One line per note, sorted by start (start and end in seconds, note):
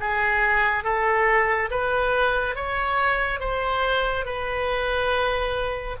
0.00 0.83 G#4
0.83 1.69 A4
1.70 2.55 B4
2.55 3.39 C#5
3.39 4.25 C5
4.25 5.96 B4